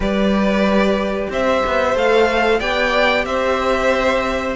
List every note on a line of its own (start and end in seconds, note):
0.00 1.27 G3
0.00 1.96 G4
0.00 1.29 B4
0.00 1.32 D5
1.29 1.62 C4
1.29 2.59 C5
1.29 1.97 E5
1.65 1.94 B3
1.94 2.60 A3
1.94 2.60 A4
1.94 2.60 F5
2.59 3.25 B3
2.59 4.55 G4
2.59 3.24 D5
2.59 3.25 G5
3.25 4.55 C4
3.25 4.55 C5
3.25 4.55 E5